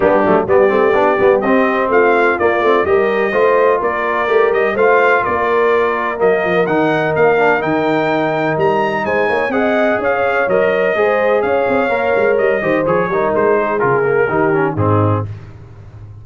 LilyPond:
<<
  \new Staff \with { instrumentName = "trumpet" } { \time 4/4 \tempo 4 = 126 g'4 d''2 dis''4 | f''4 d''4 dis''2 | d''4. dis''8 f''4 d''4~ | d''4 dis''4 fis''4 f''4 |
g''2 ais''4 gis''4 | fis''4 f''4 dis''2 | f''2 dis''4 cis''4 | c''4 ais'2 gis'4 | }
  \new Staff \with { instrumentName = "horn" } { \time 4/4 d'4 g'2. | f'2 ais'4 c''4 | ais'2 c''4 ais'4~ | ais'1~ |
ais'2. c''8 cis''8 | dis''4 cis''2 c''4 | cis''2~ cis''8 c''4 ais'8~ | ais'8 gis'4. g'4 dis'4 | }
  \new Staff \with { instrumentName = "trombone" } { \time 4/4 b8 a8 b8 c'8 d'8 b8 c'4~ | c'4 ais8 c'8 g'4 f'4~ | f'4 g'4 f'2~ | f'4 ais4 dis'4. d'8 |
dis'1 | gis'2 ais'4 gis'4~ | gis'4 ais'4. g'8 gis'8 dis'8~ | dis'4 f'8 ais8 dis'8 cis'8 c'4 | }
  \new Staff \with { instrumentName = "tuba" } { \time 4/4 g8 fis8 g8 a8 b8 g8 c'4 | a4 ais8 a8 g4 a4 | ais4 a8 g8 a4 ais4~ | ais4 fis8 f8 dis4 ais4 |
dis2 g4 gis8 ais8 | c'4 cis'4 fis4 gis4 | cis'8 c'8 ais8 gis8 g8 dis8 f8 g8 | gis4 cis4 dis4 gis,4 | }
>>